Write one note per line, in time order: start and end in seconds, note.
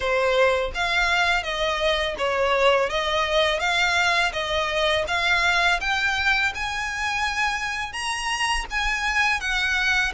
0.00 0.71 C5
0.74 1.43 F5
1.43 2.15 D#5
2.18 2.89 C#5
2.89 3.59 D#5
3.59 4.32 F5
4.32 5.04 D#5
5.07 5.80 F5
5.80 6.52 G5
6.55 7.93 G#5
7.93 8.65 A#5
8.70 9.40 G#5
9.40 10.12 F#5